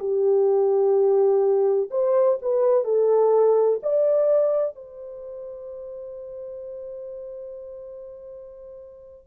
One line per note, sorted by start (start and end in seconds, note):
0.00 1.90 G4
1.91 2.39 C5
2.42 2.84 B4
2.84 3.80 A4
3.83 4.76 D5
4.76 9.27 C5